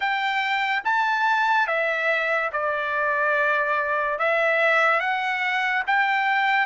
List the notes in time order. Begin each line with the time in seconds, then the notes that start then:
0.00 G5
0.84 A5
1.67 E5
2.52 D5
4.18 E5
5.00 F#5
5.86 G5